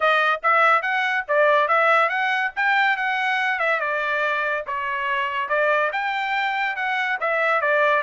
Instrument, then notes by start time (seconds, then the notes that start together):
trumpet
0.00 D#5
0.42 E5
0.82 F#5
1.28 D5
1.67 E5
2.09 F#5
2.56 G5
2.97 F#5
3.59 E5
3.80 D5
4.67 C#5
5.48 D5
5.92 G5
6.75 F#5
7.20 E5
7.61 D5